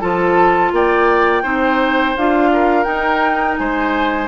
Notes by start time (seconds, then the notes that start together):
0.00 F3 F4 A4 A5
0.72 A#3 D5 G5
1.43 C4 D#4 C5
2.17 D4 F4 F5
2.53 A#4
2.83 D#4 G5
3.57 G#3 C5 G#5